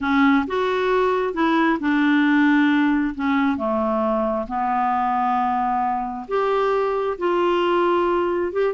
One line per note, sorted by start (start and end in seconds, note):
0.00 0.45 C#4
0.47 1.33 F#4
1.33 1.78 E4
1.80 3.14 D4
3.14 3.57 C#4
3.57 4.46 A3
4.47 6.26 B3
6.27 7.17 G4
7.18 8.52 F4
8.52 8.73 G4